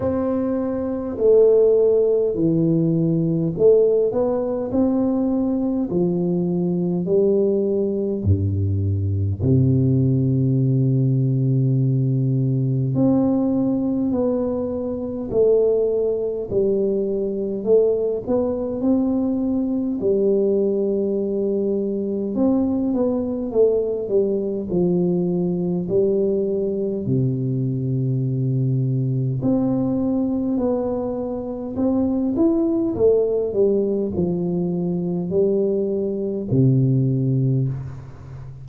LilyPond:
\new Staff \with { instrumentName = "tuba" } { \time 4/4 \tempo 4 = 51 c'4 a4 e4 a8 b8 | c'4 f4 g4 g,4 | c2. c'4 | b4 a4 g4 a8 b8 |
c'4 g2 c'8 b8 | a8 g8 f4 g4 c4~ | c4 c'4 b4 c'8 e'8 | a8 g8 f4 g4 c4 | }